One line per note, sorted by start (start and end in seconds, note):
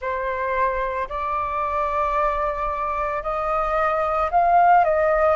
0.00 1.08 C5
1.09 3.22 D5
3.22 4.30 D#5
4.31 4.84 F5
4.84 5.36 D#5